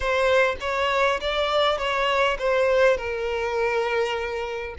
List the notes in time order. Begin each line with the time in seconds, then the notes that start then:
0.00 C5
0.60 C#5
1.20 D5
1.77 C#5
2.38 C5
2.97 A#4